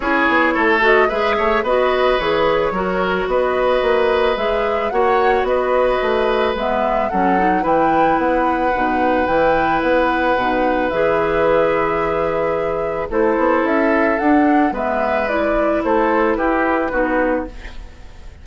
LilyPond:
<<
  \new Staff \with { instrumentName = "flute" } { \time 4/4 \tempo 4 = 110 cis''4. dis''8 e''4 dis''4 | cis''2 dis''2 | e''4 fis''4 dis''2 | e''4 fis''4 g''4 fis''4~ |
fis''4 g''4 fis''2 | e''1 | c''4 e''4 fis''4 e''4 | d''4 c''4 b'2 | }
  \new Staff \with { instrumentName = "oboe" } { \time 4/4 gis'4 a'4 b'8 cis''8 b'4~ | b'4 ais'4 b'2~ | b'4 cis''4 b'2~ | b'4 a'4 b'2~ |
b'1~ | b'1 | a'2. b'4~ | b'4 a'4 g'4 fis'4 | }
  \new Staff \with { instrumentName = "clarinet" } { \time 4/4 e'4. fis'8 gis'4 fis'4 | gis'4 fis'2. | gis'4 fis'2. | b4 cis'8 dis'8 e'2 |
dis'4 e'2 dis'4 | gis'1 | e'2 d'4 b4 | e'2. dis'4 | }
  \new Staff \with { instrumentName = "bassoon" } { \time 4/4 cis'8 b8 a4 gis8 a8 b4 | e4 fis4 b4 ais4 | gis4 ais4 b4 a4 | gis4 fis4 e4 b4 |
b,4 e4 b4 b,4 | e1 | a8 b8 cis'4 d'4 gis4~ | gis4 a4 e'4 b4 | }
>>